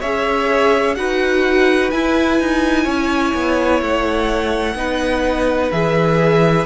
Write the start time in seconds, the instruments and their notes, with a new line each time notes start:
0.00 cello C#4, viola G#4, violin C#5 E5
0.95 cello D#4, viola F#4, violin B4 F#5
1.90 viola E4, cello E4, violin G#5
2.40 cello D#4
2.84 cello C#4, violin C#5
3.34 cello B3
3.82 cello A3, violin F#5
4.75 cello B3, viola D#4, violin B4
5.71 cello E3, viola G#4, violin E5